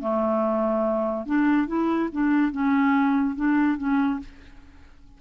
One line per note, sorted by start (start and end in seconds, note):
0.00 1.26 A3
1.26 1.67 D4
1.67 2.09 E4
2.12 2.52 D4
2.52 3.35 C#4
3.35 3.77 D4
3.78 4.20 C#4